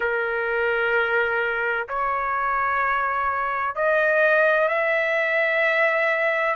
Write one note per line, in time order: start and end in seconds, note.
0.00 1.87 A#4
1.88 3.75 C#5
3.75 4.68 D#5
4.68 6.55 E5